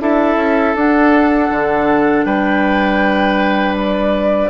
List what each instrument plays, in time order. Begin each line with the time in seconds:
0.00 bassoon D4, clarinet E4, oboe A4, flute E5
0.36 bassoon C#4
0.75 bassoon D4, clarinet D4, flute F#5
1.50 bassoon D3
2.25 bassoon G3, oboe B4, flute G5
3.77 flute D5